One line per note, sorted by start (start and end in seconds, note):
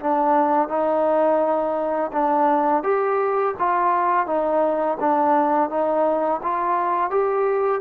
0.00 0.68 D4
0.68 2.11 D#4
2.12 2.83 D4
2.83 3.55 G4
3.59 4.26 F4
4.26 4.98 D#4
5.00 5.69 D4
5.69 6.41 D#4
6.43 7.10 F4
7.10 7.81 G4